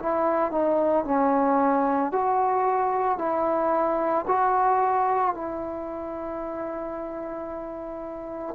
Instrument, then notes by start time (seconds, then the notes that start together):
trombone
0.00 E4
0.52 D#4
1.05 C#4
2.12 F#4
3.19 E4
4.28 F#4
5.35 E4